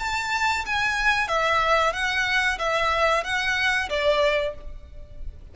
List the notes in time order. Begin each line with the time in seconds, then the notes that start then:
0.00 A5
0.66 G#5
1.28 E5
1.93 F#5
2.59 E5
3.24 F#5
3.90 D5